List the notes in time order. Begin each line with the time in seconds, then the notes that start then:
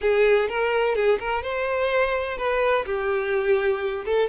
0.01 G#4
0.48 A#4
0.95 G#4
1.19 A#4
1.42 C5
2.37 B4
2.85 G4
4.05 A4